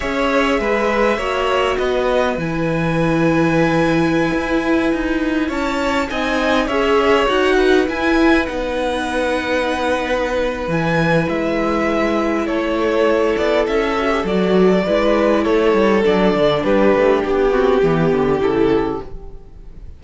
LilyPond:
<<
  \new Staff \with { instrumentName = "violin" } { \time 4/4 \tempo 4 = 101 e''2. dis''4 | gis''1~ | gis''4~ gis''16 a''4 gis''4 e''8.~ | e''16 fis''4 gis''4 fis''4.~ fis''16~ |
fis''2 gis''4 e''4~ | e''4 cis''4. d''8 e''4 | d''2 cis''4 d''4 | b'4 g'2 a'4 | }
  \new Staff \with { instrumentName = "violin" } { \time 4/4 cis''4 b'4 cis''4 b'4~ | b'1~ | b'4~ b'16 cis''4 dis''4 cis''8.~ | cis''8. b'2.~ b'16~ |
b'1~ | b'4 a'2.~ | a'4 b'4 a'2 | g'4. fis'8 g'2 | }
  \new Staff \with { instrumentName = "viola" } { \time 4/4 gis'2 fis'2 | e'1~ | e'2~ e'16 dis'4 gis'8.~ | gis'16 fis'4 e'4 dis'4.~ dis'16~ |
dis'2 e'2~ | e'2.~ e'8 fis'16 g'16 | fis'4 e'2 d'4~ | d'4. c'8 b4 e'4 | }
  \new Staff \with { instrumentName = "cello" } { \time 4/4 cis'4 gis4 ais4 b4 | e2.~ e16 e'8.~ | e'16 dis'4 cis'4 c'4 cis'8.~ | cis'16 dis'4 e'4 b4.~ b16~ |
b2 e4 gis4~ | gis4 a4. b8 cis'4 | fis4 gis4 a8 g8 fis8 d8 | g8 a8 b4 e8 d8 cis4 | }
>>